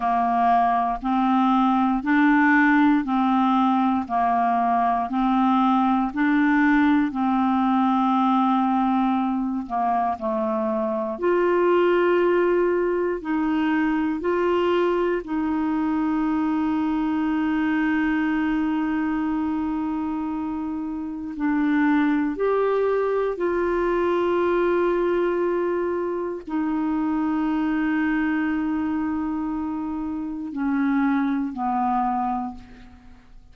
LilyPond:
\new Staff \with { instrumentName = "clarinet" } { \time 4/4 \tempo 4 = 59 ais4 c'4 d'4 c'4 | ais4 c'4 d'4 c'4~ | c'4. ais8 a4 f'4~ | f'4 dis'4 f'4 dis'4~ |
dis'1~ | dis'4 d'4 g'4 f'4~ | f'2 dis'2~ | dis'2 cis'4 b4 | }